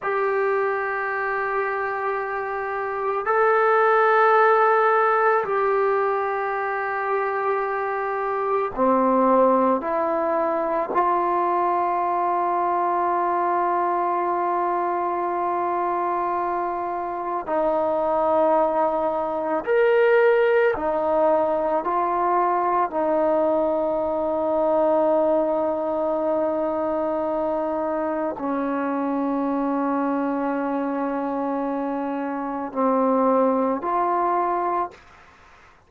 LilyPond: \new Staff \with { instrumentName = "trombone" } { \time 4/4 \tempo 4 = 55 g'2. a'4~ | a'4 g'2. | c'4 e'4 f'2~ | f'1 |
dis'2 ais'4 dis'4 | f'4 dis'2.~ | dis'2 cis'2~ | cis'2 c'4 f'4 | }